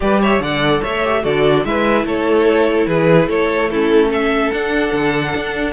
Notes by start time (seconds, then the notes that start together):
0.00 G3 G4 B4 D5
0.21 C#5 E5
0.39 D3 A4 D5 F#5
0.81 A3 C#5 E5
1.04 G4
1.22 D3 F#4 A4 D5
1.64 G#3 E4 B4 E5
2.04 A3 A4 C#5
2.86 E3 G#4 B4
3.27 A3 A4 C#5
3.70 C#4 E4 A4
4.09 A4 E5
4.52 D4 F#5
4.92 D3
5.35 D4